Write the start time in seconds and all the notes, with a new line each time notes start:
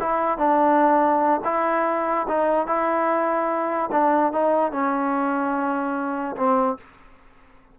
0.00 E4
0.38 D4
1.44 E4
2.28 D#4
2.67 E4
3.92 D4
4.32 D#4
4.72 C#4
6.36 C4